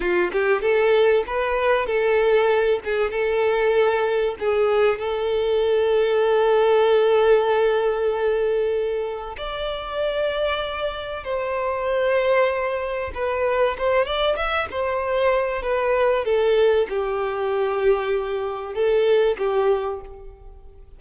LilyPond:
\new Staff \with { instrumentName = "violin" } { \time 4/4 \tempo 4 = 96 f'8 g'8 a'4 b'4 a'4~ | a'8 gis'8 a'2 gis'4 | a'1~ | a'2. d''4~ |
d''2 c''2~ | c''4 b'4 c''8 d''8 e''8 c''8~ | c''4 b'4 a'4 g'4~ | g'2 a'4 g'4 | }